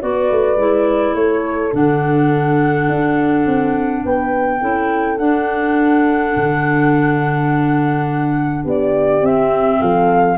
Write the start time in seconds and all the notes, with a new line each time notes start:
0.00 B3 F#4 B4 D5
0.31 A3
0.56 G#3 E4
1.14 A3 A4 C#5
1.71 D3 D4 F#5
2.89 D4
3.46 C4
4.04 B3 B4 G5
4.60 C#4 E4 A4
5.17 D4 F#5
6.36 D3
8.63 B3 G4 D5
9.21 C4 E5
9.79 F3 A4 F5